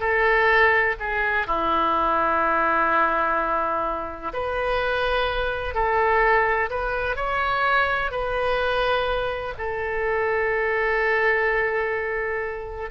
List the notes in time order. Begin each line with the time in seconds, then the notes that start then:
0.00 A4
1.00 G#4
1.47 E4
4.33 B4
5.74 A4
6.70 B4
7.16 C#5
8.11 B4
9.58 A4